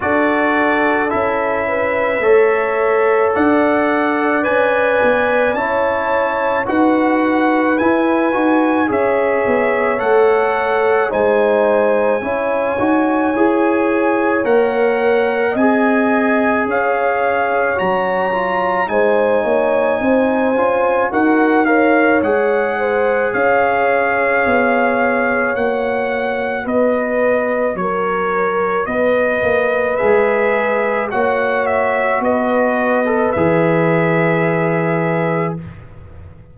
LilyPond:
<<
  \new Staff \with { instrumentName = "trumpet" } { \time 4/4 \tempo 4 = 54 d''4 e''2 fis''4 | gis''4 a''4 fis''4 gis''4 | e''4 fis''4 gis''2~ | gis''4 fis''4 gis''4 f''4 |
ais''4 gis''2 fis''8 f''8 | fis''4 f''2 fis''4 | dis''4 cis''4 dis''4 e''4 | fis''8 e''8 dis''4 e''2 | }
  \new Staff \with { instrumentName = "horn" } { \time 4/4 a'4. b'8 cis''4 d''4~ | d''4 cis''4 b'2 | cis''2 c''4 cis''4~ | cis''2 dis''4 cis''4~ |
cis''4 c''8 cis''8 c''4 ais'8 cis''8~ | cis''8 c''8 cis''2. | b'4 ais'4 b'2 | cis''4 b'2. | }
  \new Staff \with { instrumentName = "trombone" } { \time 4/4 fis'4 e'4 a'2 | b'4 e'4 fis'4 e'8 fis'8 | gis'4 a'4 dis'4 e'8 fis'8 | gis'4 ais'4 gis'2 |
fis'8 f'8 dis'4. f'8 fis'8 ais'8 | gis'2. fis'4~ | fis'2. gis'4 | fis'4.~ fis'16 a'16 gis'2 | }
  \new Staff \with { instrumentName = "tuba" } { \time 4/4 d'4 cis'4 a4 d'4 | cis'8 b8 cis'4 dis'4 e'8 dis'8 | cis'8 b8 a4 gis4 cis'8 dis'8 | e'4 ais4 c'4 cis'4 |
fis4 gis8 ais8 c'8 cis'8 dis'4 | gis4 cis'4 b4 ais4 | b4 fis4 b8 ais8 gis4 | ais4 b4 e2 | }
>>